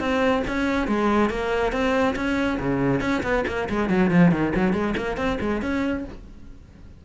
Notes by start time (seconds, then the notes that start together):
0.00 C4
0.48 C#4
0.88 G#3
1.30 A#3
1.73 C4
2.16 C#4
2.60 C#3
3.01 C#4
3.23 B3
3.48 A#3
3.70 G#3
3.90 F#3
4.11 F3
4.32 D#3
4.56 F#3
4.73 G#3
4.97 A#3
5.17 C4
5.41 G#3
5.62 C#4